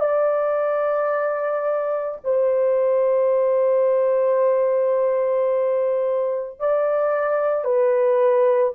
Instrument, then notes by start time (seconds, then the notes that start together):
horn
0.00 D5
2.24 C5
6.60 D5
7.64 B4